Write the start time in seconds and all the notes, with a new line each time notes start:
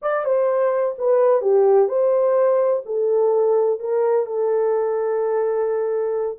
0.02 D5
0.24 C5
0.98 B4
1.41 G4
1.88 C5
2.85 A4
3.79 A#4
4.25 A4